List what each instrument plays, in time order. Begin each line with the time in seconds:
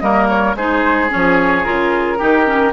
0.00 bassoon G3, clarinet A#3, oboe A#4, flute D#5
0.29 flute C#5
0.55 bassoon G#3, clarinet D#4, oboe G#4, flute C5
1.10 bassoon F3, clarinet C#4, flute C#5
1.65 bassoon C#3, clarinet F4, flute A#4
2.19 bassoon D#3, clarinet D#4, oboe G4
2.46 clarinet C#4